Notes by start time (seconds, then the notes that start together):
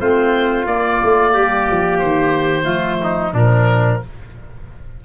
0.00 A3 C4 F4 C5
0.66 A#3 D5
1.03 A3
1.33 G3 G4
1.71 F3
1.99 D#3 C5
2.63 F3 A3 F4
3.03 D#4
3.34 A#2 F3 D4 A#4